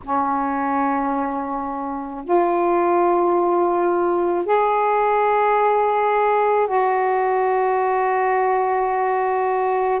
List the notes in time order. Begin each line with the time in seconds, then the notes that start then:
0.03 C#4
2.24 F4
4.45 G#4
6.67 F#4